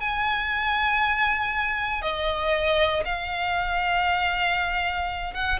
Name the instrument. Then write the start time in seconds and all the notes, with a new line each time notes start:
violin
0.00 G#5
2.02 D#5
3.05 F5
5.34 F#5